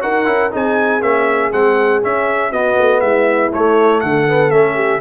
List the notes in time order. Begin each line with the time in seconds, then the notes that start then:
0.00 D#4 F#4 A#4 F#5
0.25 C#4 E4
0.51 C4 D#4 G#4 G#5
1.02 A#3 C#4 E5
1.52 G#3 C4 F#5
2.01 C#4 E5
2.52 B3 F#4 D#5
2.79 A3
3.00 G#3 E4 E5
3.53 A3 C#5
4.01 D3 A4 F#5
4.28 B3
4.51 A3 C#4 E5
4.75 G4